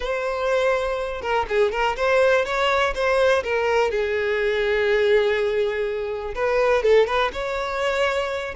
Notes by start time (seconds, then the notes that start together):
0.00 C5
1.21 A#4
1.48 G#4
1.71 A#4
1.96 C5
2.45 C#5
2.94 C5
3.43 A#4
3.90 G#4
6.34 B4
6.82 A4
7.06 B4
7.32 C#5